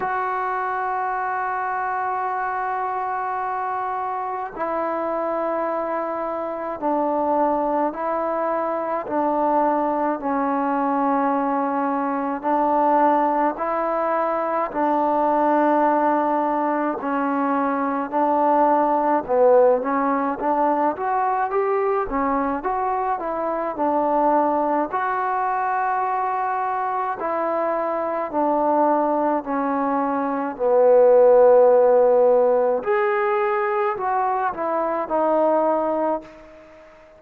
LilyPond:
\new Staff \with { instrumentName = "trombone" } { \time 4/4 \tempo 4 = 53 fis'1 | e'2 d'4 e'4 | d'4 cis'2 d'4 | e'4 d'2 cis'4 |
d'4 b8 cis'8 d'8 fis'8 g'8 cis'8 | fis'8 e'8 d'4 fis'2 | e'4 d'4 cis'4 b4~ | b4 gis'4 fis'8 e'8 dis'4 | }